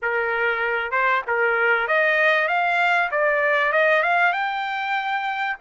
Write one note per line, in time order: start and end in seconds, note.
0.01 0.91 A#4
0.91 1.22 C5
1.27 1.87 A#4
1.87 2.48 D#5
2.48 3.10 F5
3.11 3.72 D5
3.72 4.02 D#5
4.02 4.32 F5
4.32 5.56 G5